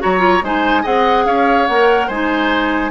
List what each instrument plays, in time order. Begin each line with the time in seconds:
0.00 bassoon F#3, clarinet F#4, oboe C#5, flute A#5
0.19 clarinet F4
0.42 bassoon G#3, clarinet D#4, oboe C5, flute G#5
0.82 bassoon C4, clarinet G#4, oboe D#5, flute F#5
1.26 bassoon C#4, oboe C#5, flute F5
1.67 bassoon A#3, clarinet A#4, flute F#5
2.07 bassoon G#3, clarinet D#4, oboe C5, flute G#5